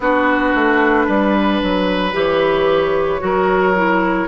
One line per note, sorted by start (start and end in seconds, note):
0.00 0.53 B3
0.00 2.12 D4
0.00 1.06 F#4
0.00 2.15 B4
0.54 1.08 A3
1.06 1.61 G3
1.06 3.20 B4
1.62 2.13 F#3
2.12 3.20 E3
2.12 3.19 G4
2.12 4.27 C#5
3.19 4.27 F#3
3.19 3.73 F#4
3.19 4.27 A#4
3.75 4.27 E4